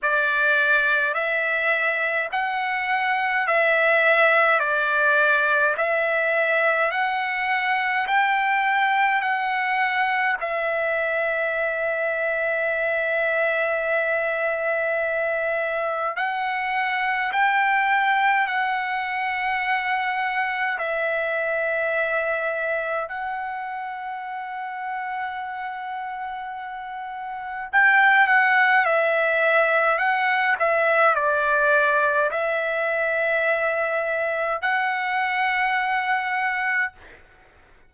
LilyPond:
\new Staff \with { instrumentName = "trumpet" } { \time 4/4 \tempo 4 = 52 d''4 e''4 fis''4 e''4 | d''4 e''4 fis''4 g''4 | fis''4 e''2.~ | e''2 fis''4 g''4 |
fis''2 e''2 | fis''1 | g''8 fis''8 e''4 fis''8 e''8 d''4 | e''2 fis''2 | }